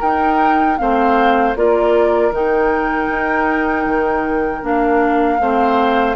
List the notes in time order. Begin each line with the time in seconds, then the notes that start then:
0.00 D#4 A#4 G5
0.78 A3 C4 C5 F5
1.55 A#3 F4 A#4 D5
2.32 D#3 D#4 G5
3.09 D#4
3.85 D#3
4.62 A#3 D4 F5
5.39 A3 C4 C5